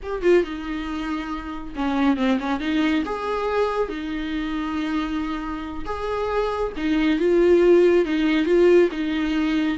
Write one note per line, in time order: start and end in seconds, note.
0.02 0.22 G4
0.22 0.43 F4
0.43 1.74 D#4
1.75 2.16 C#4
2.16 2.38 C4
2.39 2.60 C#4
2.60 3.03 D#4
3.05 3.89 G#4
3.89 5.84 D#4
5.85 6.72 G#4
6.76 7.19 D#4
7.19 8.05 F4
8.05 8.45 D#4
8.45 8.89 F4
8.91 9.77 D#4